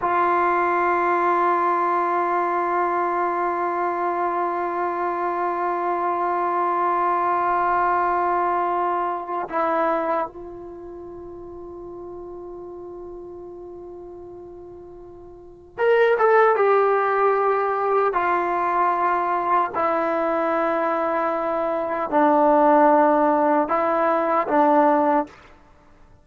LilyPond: \new Staff \with { instrumentName = "trombone" } { \time 4/4 \tempo 4 = 76 f'1~ | f'1~ | f'1 | e'4 f'2.~ |
f'1 | ais'8 a'8 g'2 f'4~ | f'4 e'2. | d'2 e'4 d'4 | }